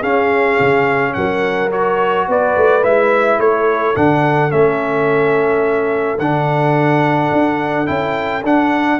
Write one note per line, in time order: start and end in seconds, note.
0.00 1.70 C#4
0.00 0.59 C#4
0.00 1.12 G#4
0.00 1.14 F5
0.60 1.16 C#3
1.14 2.28 F#3
1.14 2.28 A#4
1.14 1.70 F#5
1.71 2.83 F#4
1.71 2.28 C#5
2.28 2.56 B3
2.28 3.40 B4
2.28 2.84 D5
2.57 2.85 A3
2.83 3.39 G#3
2.83 3.95 E4
2.83 3.40 E5
3.39 3.95 A3
3.39 9.00 A4
3.39 3.96 C#5
3.96 4.52 D3
3.96 4.50 D4
3.96 4.51 F#5
4.50 6.19 A3
4.50 6.18 C#4
4.50 6.19 E5
6.19 7.31 D3
6.19 7.86 D4
6.19 7.87 F#5
7.32 7.88 D4
7.86 8.44 C#4
7.86 8.42 E4
7.86 8.43 G5
8.44 9.00 D4
8.44 9.00 F#5